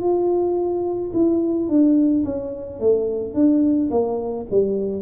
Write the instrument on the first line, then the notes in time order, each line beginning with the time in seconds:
tuba
0.00 F4
1.13 E4
1.68 D4
2.24 C#4
2.79 A3
3.33 D4
3.90 A#3
4.51 G3